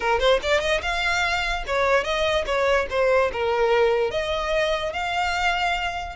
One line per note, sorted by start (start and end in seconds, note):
0.00 0.19 A#4
0.19 0.40 C5
0.42 0.60 D5
0.60 0.81 D#5
0.81 1.64 F5
1.66 2.03 C#5
2.03 2.45 D#5
2.45 2.87 C#5
2.90 3.31 C5
3.32 4.11 A#4
4.11 4.93 D#5
4.93 6.16 F5